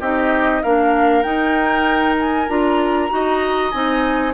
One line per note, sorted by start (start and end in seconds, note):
0.00 0.62 C4
0.00 0.63 D#4
0.00 0.62 G4
0.00 0.62 D#5
0.62 1.24 A#3
0.62 1.23 D4
0.62 3.10 A#4
0.62 1.22 F5
1.22 2.47 D#4
1.22 2.48 D#4
1.22 2.15 G5
2.19 2.48 G#5
2.48 3.10 D4
2.48 3.09 F4
2.48 3.71 A#5
3.09 3.73 D#4
3.09 3.71 F#4
3.09 4.33 D#5
3.71 4.33 C4
3.71 4.33 D#4
3.71 4.32 G#5